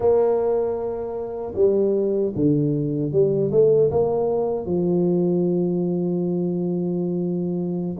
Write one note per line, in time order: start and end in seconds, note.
0.00 1.53 A#3
1.54 2.32 G3
2.35 3.12 D3
3.12 3.51 G3
3.51 3.90 A3
3.90 4.65 A#3
4.65 7.97 F3